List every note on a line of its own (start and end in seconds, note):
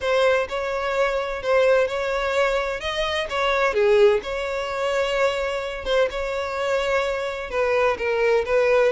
0.00 0.47 C5
0.48 1.42 C#5
1.42 1.87 C5
1.87 2.80 C#5
2.80 3.27 D#5
3.29 3.73 C#5
3.73 4.20 G#4
4.23 5.85 C#5
5.85 6.08 C5
6.10 7.50 C#5
7.50 7.97 B4
7.98 8.45 A#4
8.45 8.92 B4